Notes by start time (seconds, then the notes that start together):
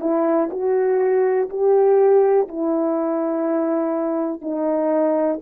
0.00 E4
0.51 F#4
1.49 G4
2.48 E4
4.42 D#4